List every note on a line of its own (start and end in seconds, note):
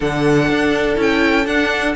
0.00 0.49 D3
0.00 0.95 D4
0.00 1.95 A4
0.00 0.99 F#5
0.49 0.97 D4
0.95 1.46 C#4
0.95 1.44 E4
0.95 1.46 G5
1.46 1.95 D4
1.46 1.95 F#5